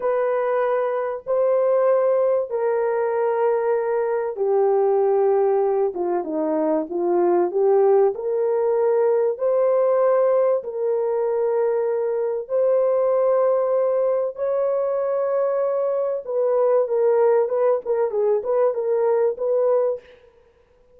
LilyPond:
\new Staff \with { instrumentName = "horn" } { \time 4/4 \tempo 4 = 96 b'2 c''2 | ais'2. g'4~ | g'4. f'8 dis'4 f'4 | g'4 ais'2 c''4~ |
c''4 ais'2. | c''2. cis''4~ | cis''2 b'4 ais'4 | b'8 ais'8 gis'8 b'8 ais'4 b'4 | }